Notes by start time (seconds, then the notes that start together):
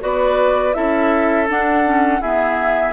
0.00 B3 F#4 B4 D5
0.73 C#4 E4 A4 E5
1.47 D4 F#5
1.84 C#4
2.20 B3 E4 G#4 E5